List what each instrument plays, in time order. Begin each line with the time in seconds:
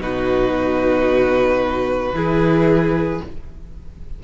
0.00 cello B2, viola D#4, violin F#4 B4
2.13 cello E3, viola E4, violin G#4